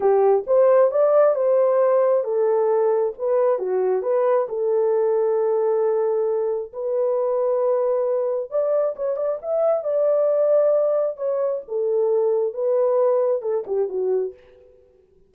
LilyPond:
\new Staff \with { instrumentName = "horn" } { \time 4/4 \tempo 4 = 134 g'4 c''4 d''4 c''4~ | c''4 a'2 b'4 | fis'4 b'4 a'2~ | a'2. b'4~ |
b'2. d''4 | cis''8 d''8 e''4 d''2~ | d''4 cis''4 a'2 | b'2 a'8 g'8 fis'4 | }